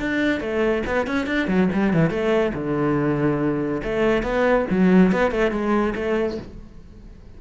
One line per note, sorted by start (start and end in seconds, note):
0.00 0.41 D4
0.41 0.83 A3
0.87 1.07 B3
1.07 1.27 C#4
1.27 1.48 D4
1.48 1.69 F#3
1.73 1.94 G3
1.94 2.10 E3
2.10 2.53 A3
2.54 3.82 D3
3.84 4.23 A3
4.23 4.66 B3
4.71 5.13 F#3
5.13 5.32 B3
5.32 5.52 A3
5.52 5.94 G#3
5.96 6.38 A3